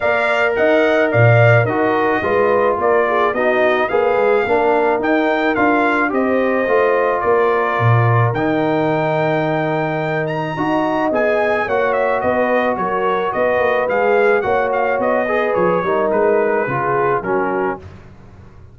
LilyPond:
<<
  \new Staff \with { instrumentName = "trumpet" } { \time 4/4 \tempo 4 = 108 f''4 fis''4 f''4 dis''4~ | dis''4 d''4 dis''4 f''4~ | f''4 g''4 f''4 dis''4~ | dis''4 d''2 g''4~ |
g''2~ g''8 ais''4. | gis''4 fis''8 e''8 dis''4 cis''4 | dis''4 f''4 fis''8 f''8 dis''4 | cis''4 b'2 ais'4 | }
  \new Staff \with { instrumentName = "horn" } { \time 4/4 d''4 dis''4 d''4 ais'4 | b'4 ais'8 gis'8 fis'4 b'4 | ais'2. c''4~ | c''4 ais'2.~ |
ais'2. dis''4~ | dis''4 cis''4 b'4 ais'4 | b'2 cis''4. b'8~ | b'8 ais'4. gis'4 fis'4 | }
  \new Staff \with { instrumentName = "trombone" } { \time 4/4 ais'2. fis'4 | f'2 dis'4 gis'4 | d'4 dis'4 f'4 g'4 | f'2. dis'4~ |
dis'2. fis'4 | gis'4 fis'2.~ | fis'4 gis'4 fis'4. gis'8~ | gis'8 dis'4. f'4 cis'4 | }
  \new Staff \with { instrumentName = "tuba" } { \time 4/4 ais4 dis'4 ais,4 dis'4 | gis4 ais4 b4 ais8 gis8 | ais4 dis'4 d'4 c'4 | a4 ais4 ais,4 dis4~ |
dis2. dis'4 | b4 ais4 b4 fis4 | b8 ais8 gis4 ais4 b4 | f8 g8 gis4 cis4 fis4 | }
>>